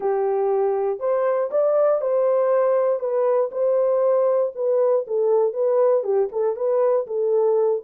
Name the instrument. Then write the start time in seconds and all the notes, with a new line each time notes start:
horn
0.00 G4
0.99 C5
1.50 D5
2.01 C5
2.99 B4
3.51 C5
4.55 B4
5.07 A4
5.53 B4
6.03 G4
6.32 A4
6.56 B4
7.06 A4